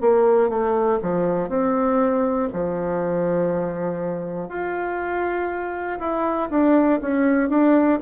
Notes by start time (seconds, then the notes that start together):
0.00 A#3
0.49 A3
1.02 F3
1.49 C4
2.52 F3
4.49 F4
5.99 E4
6.50 D4
7.00 C#4
7.49 D4